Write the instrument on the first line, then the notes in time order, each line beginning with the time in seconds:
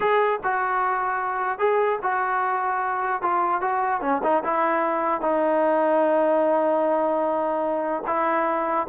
trombone
0.00 G#4
0.43 F#4
1.59 G#4
2.02 F#4
3.22 F4
3.61 F#4
4.01 C#4
4.23 D#4
4.44 E4
5.21 D#4
8.06 E4